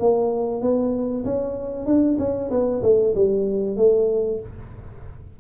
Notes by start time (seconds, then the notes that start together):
0.00 A#3
0.61 B3
1.25 C#4
1.86 D4
2.19 C#4
2.51 B3
2.83 A3
3.16 G3
3.77 A3